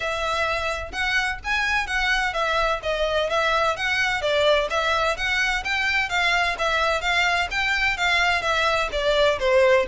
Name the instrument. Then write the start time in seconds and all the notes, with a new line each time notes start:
violin
0.00 E5
0.92 F#5
1.44 G#5
1.86 F#5
2.33 E5
2.82 D#5
3.29 E5
3.76 F#5
4.21 D5
4.69 E5
5.16 F#5
5.64 G5
6.09 F5
6.58 E5
7.01 F5
7.50 G5
7.97 F5
8.42 E5
8.91 D5
9.39 C5